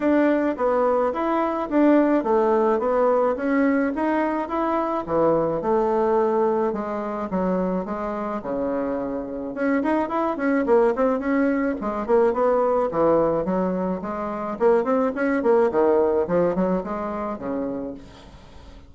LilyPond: \new Staff \with { instrumentName = "bassoon" } { \time 4/4 \tempo 4 = 107 d'4 b4 e'4 d'4 | a4 b4 cis'4 dis'4 | e'4 e4 a2 | gis4 fis4 gis4 cis4~ |
cis4 cis'8 dis'8 e'8 cis'8 ais8 c'8 | cis'4 gis8 ais8 b4 e4 | fis4 gis4 ais8 c'8 cis'8 ais8 | dis4 f8 fis8 gis4 cis4 | }